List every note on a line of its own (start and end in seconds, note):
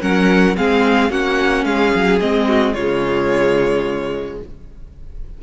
0.00 0.56 F#3
0.00 0.55 C#4
0.00 0.56 A#4
0.00 0.56 F#5
0.56 1.10 G#3
0.56 1.11 C4
0.56 1.10 G#4
0.56 1.11 F5
1.10 1.64 A#3
1.10 2.20 C#4
1.10 1.65 F#4
1.10 1.65 F#5
1.65 1.92 G#3
1.65 2.47 G#4
1.65 2.19 F5
1.95 2.20 F#3
2.19 2.75 G#3
2.19 2.75 C4
2.19 2.74 D#5
2.47 2.73 F#4
2.73 4.38 C#3
2.73 4.42 G#3
2.73 4.37 F4
2.73 4.37 C#5